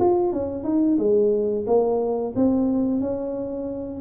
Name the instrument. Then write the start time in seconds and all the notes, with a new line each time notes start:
tuba
0.00 F4
0.33 C#4
0.64 D#4
0.98 G#3
1.67 A#3
2.36 C4
3.01 C#4